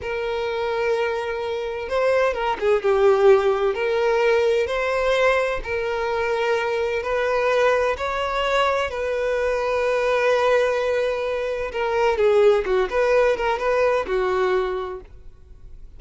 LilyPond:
\new Staff \with { instrumentName = "violin" } { \time 4/4 \tempo 4 = 128 ais'1 | c''4 ais'8 gis'8 g'2 | ais'2 c''2 | ais'2. b'4~ |
b'4 cis''2 b'4~ | b'1~ | b'4 ais'4 gis'4 fis'8 b'8~ | b'8 ais'8 b'4 fis'2 | }